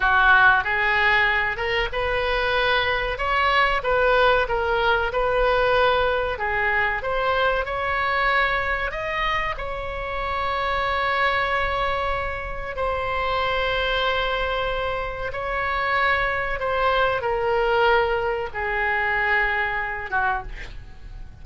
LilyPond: \new Staff \with { instrumentName = "oboe" } { \time 4/4 \tempo 4 = 94 fis'4 gis'4. ais'8 b'4~ | b'4 cis''4 b'4 ais'4 | b'2 gis'4 c''4 | cis''2 dis''4 cis''4~ |
cis''1 | c''1 | cis''2 c''4 ais'4~ | ais'4 gis'2~ gis'8 fis'8 | }